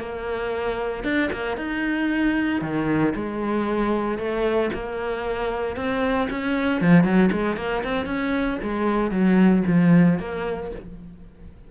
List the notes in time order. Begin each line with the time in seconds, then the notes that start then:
0.00 A#3
1.04 D4
1.33 A#3
1.57 D#4
2.62 D#3
3.15 G#3
4.19 A3
4.74 A#3
5.77 C4
6.31 C#4
6.81 F3
7.04 F#3
7.32 G#3
7.57 A#3
7.85 C4
8.07 C#4
8.63 G#3
9.12 F#3
9.68 F3
10.19 A#3